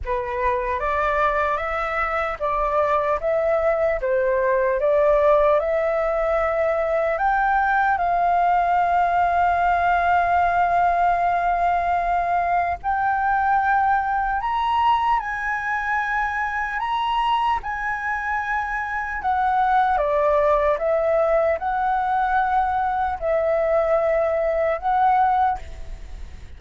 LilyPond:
\new Staff \with { instrumentName = "flute" } { \time 4/4 \tempo 4 = 75 b'4 d''4 e''4 d''4 | e''4 c''4 d''4 e''4~ | e''4 g''4 f''2~ | f''1 |
g''2 ais''4 gis''4~ | gis''4 ais''4 gis''2 | fis''4 d''4 e''4 fis''4~ | fis''4 e''2 fis''4 | }